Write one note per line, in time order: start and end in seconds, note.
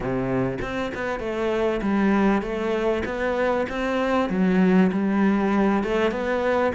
0.00 0.58 C3
0.61 0.92 C4
0.94 1.19 B3
1.19 1.80 A3
1.81 2.42 G3
2.42 3.03 A3
3.05 3.66 B3
3.69 4.29 C4
4.29 4.90 F#3
4.91 5.83 G3
5.83 6.11 A3
6.11 6.72 B3